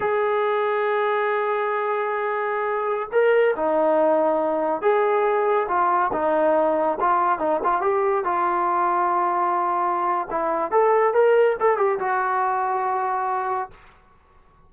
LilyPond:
\new Staff \with { instrumentName = "trombone" } { \time 4/4 \tempo 4 = 140 gis'1~ | gis'2.~ gis'16 ais'8.~ | ais'16 dis'2. gis'8.~ | gis'4~ gis'16 f'4 dis'4.~ dis'16~ |
dis'16 f'4 dis'8 f'8 g'4 f'8.~ | f'1 | e'4 a'4 ais'4 a'8 g'8 | fis'1 | }